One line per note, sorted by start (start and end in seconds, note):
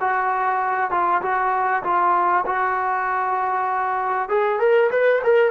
0.00 0.90 F#4
0.90 1.21 F4
1.21 1.83 F#4
1.83 2.44 F4
2.45 4.29 F#4
4.29 4.59 G#4
4.59 4.90 A#4
4.91 5.21 B4
5.23 5.51 A#4